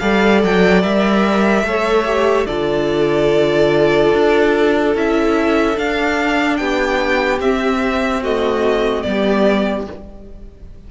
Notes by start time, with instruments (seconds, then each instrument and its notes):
0.00 cello G3, viola A4, violin D5 F5
0.43 cello F#3, violin G5
0.83 cello G3, viola A#4, violin E5
1.64 cello A3, viola A4, violin C#5
2.06 viola G4
2.47 cello D3, viola F4, violin A4 D5
4.13 cello D4
4.95 cello C#4, viola E4, violin E5
5.76 viola D4, cello D4, violin F5
6.57 cello B3, violin G4 G5
7.40 cello C4, viola C4, violin E5
8.22 viola A3, violin F#4 D#5
9.03 cello G3, viola B3, violin D5
9.09 violin G4